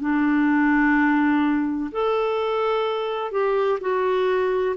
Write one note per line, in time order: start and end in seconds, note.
0.00 1.90 D4
1.92 3.31 A4
3.31 3.79 G4
3.81 4.76 F#4